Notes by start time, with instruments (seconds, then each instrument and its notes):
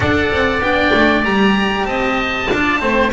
0.00 double bass D4, cello A4, oboe D5 F#5
0.31 double bass C4
0.60 double bass B3, cello D4, oboe G5
0.93 double bass A3
1.22 double bass G3, cello G4, oboe A#5
1.85 double bass C4, oboe D#5 A5
2.50 double bass D4, cello F4, oboe D5
2.79 double bass A3, cello C4, oboe C5